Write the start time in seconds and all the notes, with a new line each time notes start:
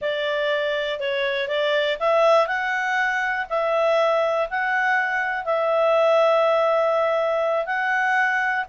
0.01 D5
0.99 C#5
1.47 D5
1.99 E5
2.47 F#5
3.49 E5
4.50 F#5
5.45 E5
7.66 F#5